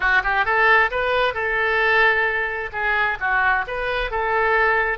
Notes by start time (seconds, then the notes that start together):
0.00 F#4
0.23 G4
0.45 A4
0.90 B4
1.34 A4
2.72 G#4
3.19 F#4
3.67 B4
4.11 A4